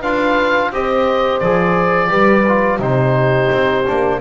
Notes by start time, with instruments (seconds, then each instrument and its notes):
0.00 double bass D4, trombone F4, horn B4, oboe F5
0.70 double bass C4, trombone G4, horn C5, oboe D#5
1.40 double bass F3, trombone G#4, oboe D5
2.08 double bass G3, trombone G4, horn B4
2.47 trombone F4
2.79 double bass C3, trombone D#4, horn G4, oboe C5
3.51 double bass C4
3.86 double bass A#3, trombone D4